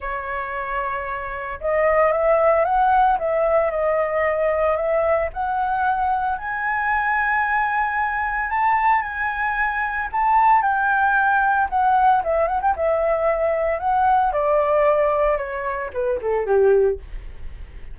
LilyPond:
\new Staff \with { instrumentName = "flute" } { \time 4/4 \tempo 4 = 113 cis''2. dis''4 | e''4 fis''4 e''4 dis''4~ | dis''4 e''4 fis''2 | gis''1 |
a''4 gis''2 a''4 | g''2 fis''4 e''8 fis''16 g''16 | e''2 fis''4 d''4~ | d''4 cis''4 b'8 a'8 g'4 | }